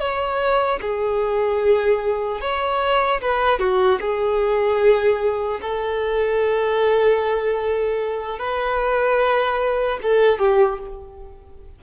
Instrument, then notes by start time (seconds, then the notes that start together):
violin
0.00 C#5
0.81 G#4
2.41 C#5
3.21 B4
3.60 F#4
4.01 G#4
5.62 A4
8.39 B4
10.03 A4
10.39 G4